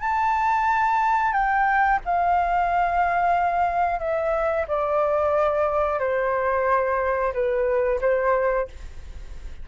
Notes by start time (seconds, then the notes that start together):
0.00 A5
1.32 G5
2.05 F5
3.99 E5
4.68 D5
5.99 C5
7.33 B4
8.01 C5